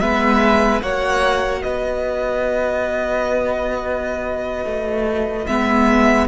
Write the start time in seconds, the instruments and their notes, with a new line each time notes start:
0.00 cello G#3, viola B3, violin B4 E5
0.82 cello A#3, viola F#4, violin C#5 F#5
1.62 cello B3, violin B4 D#5
4.65 cello A3
5.47 cello G#3, viola B3, violin E5